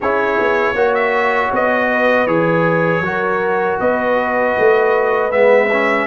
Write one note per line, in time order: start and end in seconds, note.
0.00 0.39 C#4
0.00 0.75 E4
0.00 0.75 G#4
0.00 0.94 C#5
0.39 0.74 B3
0.74 1.50 A#3
0.74 2.27 F#4
0.74 1.89 C#5
0.94 1.51 E5
1.52 2.26 B3
1.52 2.27 D#5
1.92 3.04 B4
2.26 3.00 E3
2.26 3.03 G#4
2.26 3.78 C#5
3.00 3.76 F#3
3.00 5.31 F#4
3.00 3.80 A#4
3.80 4.56 B3
3.80 6.06 B4
3.80 5.31 D#5
4.58 5.32 A3
5.31 6.06 G#3
5.31 5.69 B3
5.31 6.06 E5
5.71 6.06 C#4